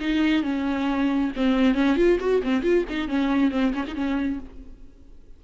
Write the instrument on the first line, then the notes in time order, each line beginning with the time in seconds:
viola
0.00 D#4
0.43 C#4
1.36 C4
1.74 C#4
1.96 F4
2.20 F#4
2.43 C4
2.62 F4
2.89 D#4
3.08 C#4
3.51 C4
3.74 C#4
3.87 D#4
3.95 C#4